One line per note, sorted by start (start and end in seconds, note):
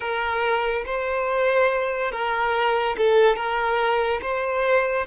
0.00 0.84 A#4
0.85 2.11 C5
2.11 2.96 A#4
2.97 3.36 A4
3.36 4.20 A#4
4.21 5.06 C5